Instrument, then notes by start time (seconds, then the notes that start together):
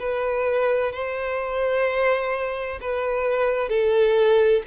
violin
0.00 B4
0.92 C5
2.81 B4
3.69 A4